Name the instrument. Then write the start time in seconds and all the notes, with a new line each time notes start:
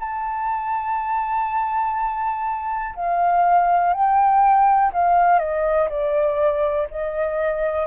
flute
0.00 A5
2.96 F5
3.94 G5
4.94 F5
5.40 D#5
5.90 D5
6.91 D#5